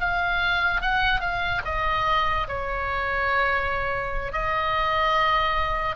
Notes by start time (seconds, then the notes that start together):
0.00 F5
0.81 F#5
1.20 F5
1.65 D#5
2.48 C#5
4.32 D#5